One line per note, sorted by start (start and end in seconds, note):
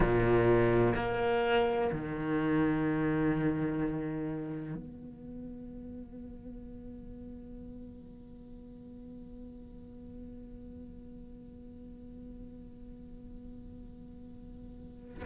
0.00 0.94 A#2
0.95 1.90 A#3
1.92 4.75 D#3
4.75 15.23 B3